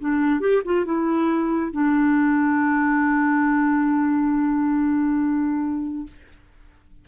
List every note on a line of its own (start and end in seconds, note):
0.00 0.41 D4
0.41 0.62 G4
0.65 0.85 F4
0.85 1.72 E4
1.73 6.08 D4